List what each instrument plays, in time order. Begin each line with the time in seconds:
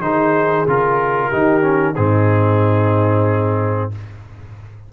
0.00 tuba D#3, trombone D#4, horn G#4, trumpet C5
0.66 tuba C#3, trombone F4, trumpet A#4
1.28 tuba D#3, trombone D#4, horn G4
1.61 trombone C#4
1.95 tuba G#2, trombone C4, horn D#4, trumpet G#4